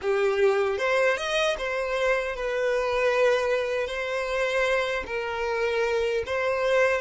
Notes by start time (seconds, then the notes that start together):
0.01 G4
0.78 C5
1.17 D#5
1.58 C5
2.35 B4
3.87 C5
5.06 A#4
6.26 C5